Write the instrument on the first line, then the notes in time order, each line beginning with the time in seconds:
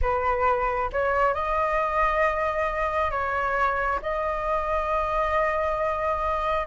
flute
0.01 B4
0.92 C#5
1.34 D#5
3.10 C#5
4.01 D#5